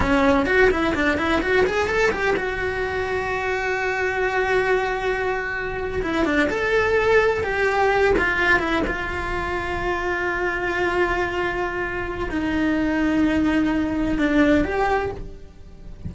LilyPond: \new Staff \with { instrumentName = "cello" } { \time 4/4 \tempo 4 = 127 cis'4 fis'8 e'8 d'8 e'8 fis'8 gis'8 | a'8 g'8 fis'2.~ | fis'1~ | fis'8. e'8 d'8 a'2 g'16~ |
g'4~ g'16 f'4 e'8 f'4~ f'16~ | f'1~ | f'2 dis'2~ | dis'2 d'4 g'4 | }